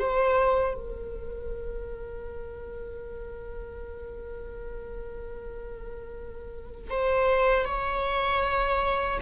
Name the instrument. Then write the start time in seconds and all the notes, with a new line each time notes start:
viola
0.00 C5
0.75 A#4
6.91 C5
7.66 C#5